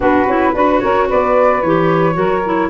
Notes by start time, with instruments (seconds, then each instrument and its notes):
0.00 tuba B3, clarinet D4, saxophone F#4, flute B4
0.26 tuba C#4, clarinet E4
0.54 tuba D4, clarinet F#4, saxophone B4
0.79 tuba C#4, saxophone A#4, flute C#5
1.08 tuba B3, saxophone B4, flute D5
1.61 tuba E3, clarinet G4, flute C#5
2.13 tuba F#3, clarinet F#4, saxophone A#4
2.45 clarinet E4